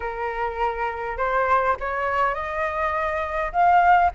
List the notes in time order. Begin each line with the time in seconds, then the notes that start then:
0.00 A#4
1.17 C5
1.79 C#5
2.34 D#5
3.52 F5